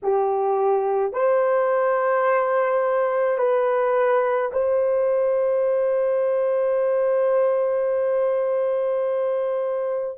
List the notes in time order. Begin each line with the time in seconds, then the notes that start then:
0.02 G4
1.13 C5
3.38 B4
4.52 C5